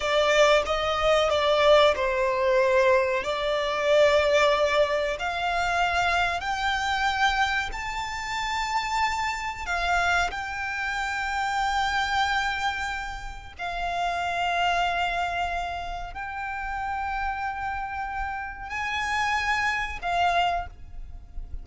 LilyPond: \new Staff \with { instrumentName = "violin" } { \time 4/4 \tempo 4 = 93 d''4 dis''4 d''4 c''4~ | c''4 d''2. | f''2 g''2 | a''2. f''4 |
g''1~ | g''4 f''2.~ | f''4 g''2.~ | g''4 gis''2 f''4 | }